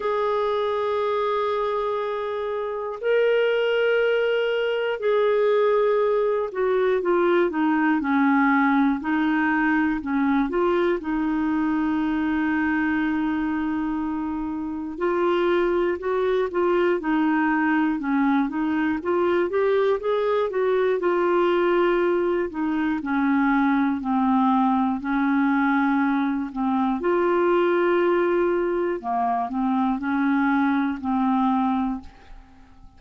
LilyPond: \new Staff \with { instrumentName = "clarinet" } { \time 4/4 \tempo 4 = 60 gis'2. ais'4~ | ais'4 gis'4. fis'8 f'8 dis'8 | cis'4 dis'4 cis'8 f'8 dis'4~ | dis'2. f'4 |
fis'8 f'8 dis'4 cis'8 dis'8 f'8 g'8 | gis'8 fis'8 f'4. dis'8 cis'4 | c'4 cis'4. c'8 f'4~ | f'4 ais8 c'8 cis'4 c'4 | }